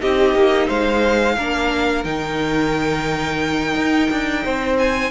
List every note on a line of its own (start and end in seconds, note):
0.00 0.34 C4
0.00 1.36 D#4
0.00 0.67 G4
0.00 0.69 D#5
0.34 0.68 A#3
0.67 1.37 G#3
0.67 1.35 C5
0.67 2.04 F5
1.36 2.04 A#3
1.36 2.04 D4
1.36 4.43 A#4
2.04 3.75 D#3
2.04 5.10 D#4
2.04 4.76 G5
3.75 4.09 D#4
4.11 4.45 D4
4.43 5.10 C4
4.43 5.10 C5
4.78 5.10 G#5